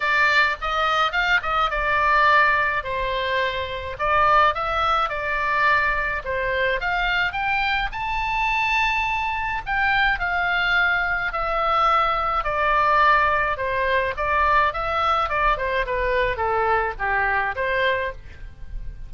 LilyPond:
\new Staff \with { instrumentName = "oboe" } { \time 4/4 \tempo 4 = 106 d''4 dis''4 f''8 dis''8 d''4~ | d''4 c''2 d''4 | e''4 d''2 c''4 | f''4 g''4 a''2~ |
a''4 g''4 f''2 | e''2 d''2 | c''4 d''4 e''4 d''8 c''8 | b'4 a'4 g'4 c''4 | }